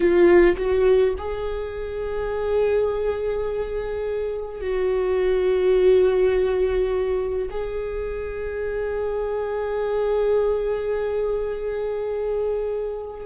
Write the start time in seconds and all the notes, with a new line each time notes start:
0.00 F4
0.56 F#4
1.17 G#4
4.60 F#4
7.50 G#4